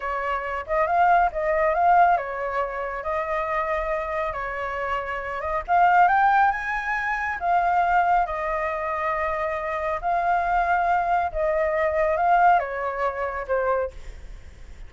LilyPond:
\new Staff \with { instrumentName = "flute" } { \time 4/4 \tempo 4 = 138 cis''4. dis''8 f''4 dis''4 | f''4 cis''2 dis''4~ | dis''2 cis''2~ | cis''8 dis''8 f''4 g''4 gis''4~ |
gis''4 f''2 dis''4~ | dis''2. f''4~ | f''2 dis''2 | f''4 cis''2 c''4 | }